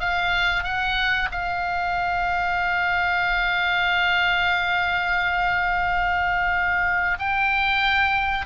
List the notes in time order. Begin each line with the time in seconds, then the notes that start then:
0.00 F5
0.63 F#5
1.32 F5
7.19 G5